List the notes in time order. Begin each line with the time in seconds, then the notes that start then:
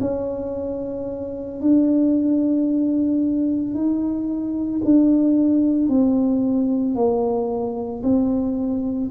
0.00 C#4
1.61 D4
3.74 D#4
4.84 D4
5.88 C4
6.95 A#3
8.03 C4